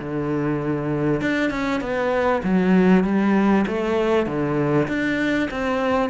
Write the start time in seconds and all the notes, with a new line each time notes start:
0.00 D3
1.21 D4
1.50 C#4
1.81 B3
2.43 F#3
3.04 G3
3.67 A3
4.26 D3
4.88 D4
5.51 C4